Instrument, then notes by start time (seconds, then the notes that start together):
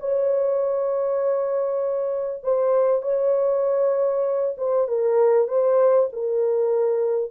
horn
0.00 C#5
2.44 C5
3.03 C#5
4.58 C5
4.88 A#4
5.48 C5
6.13 A#4